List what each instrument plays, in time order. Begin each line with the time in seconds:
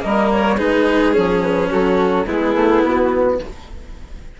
0.00 bassoon G3, cello A#3, violin A#4, flute D#5
0.31 flute C#5
0.57 bassoon G#3, cello D#4, violin G#4, flute B4
1.12 bassoon F3, cello C#4, flute C#5
1.42 flute B4
1.70 bassoon F#3, violin F#4, flute A4
2.26 bassoon G#3, cello B3, violin E4, flute G#4
2.55 bassoon A3
2.84 bassoon B3, flute F#4